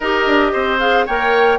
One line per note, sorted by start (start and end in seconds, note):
0.00 0.26 D#4
0.00 0.80 G4
0.00 0.51 A#4
0.00 0.79 D#5
0.26 0.53 D4
0.52 1.07 C4
0.52 1.05 C5
0.79 1.06 G#4
0.79 1.05 F5
1.05 1.58 A#3
1.05 1.58 A#4
1.05 1.58 C#5
1.05 1.58 G5